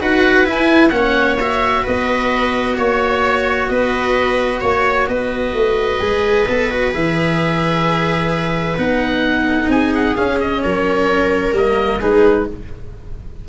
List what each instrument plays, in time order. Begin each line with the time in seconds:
0.00 tuba D#4, cello F#4, viola B4, oboe F#5
0.45 cello E4, tuba E4, oboe G#5
0.89 tuba A#3, cello C#4, oboe F#5
0.96 viola C#5
1.40 cello F#4, oboe E5
1.82 tuba B3, viola B4, oboe D#5
2.77 tuba A#3, oboe C#5, viola C#5
3.68 tuba B3, viola B4, oboe D#5
4.60 tuba A#3, viola C#5, oboe C#5
5.08 tuba B3, viola B4, oboe D#5
5.53 tuba A3
6.00 tuba G#3, cello G#4
6.49 tuba B3, cello A4
6.70 cello F#4
6.91 tuba E3, cello G#4, oboe E5
8.77 tuba B3, cello D#4, oboe F#5
9.47 viola A4
9.68 tuba C4, viola G#4, oboe G#5
9.94 oboe F#5
10.16 cello C#4, tuba C#4, oboe F5
10.40 oboe D#5
10.62 tuba F#3, viola A#4, oboe C#5
11.52 tuba G3, cello A#3, oboe D#5
12.00 tuba G#3, cello D#4, viola G#4, oboe B4